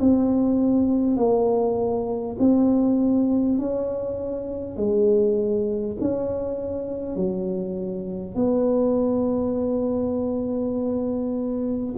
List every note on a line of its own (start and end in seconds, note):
0.00 1.17 C4
1.17 2.37 A#3
2.39 3.58 C4
3.58 4.76 C#4
4.76 5.96 G#3
6.01 7.16 C#4
7.16 8.35 F#3
8.35 11.95 B3